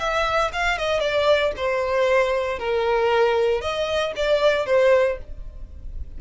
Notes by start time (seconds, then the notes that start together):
0.00 E5
0.53 F5
0.78 D#5
1.00 D5
1.57 C5
2.59 A#4
3.61 D#5
4.16 D5
4.66 C5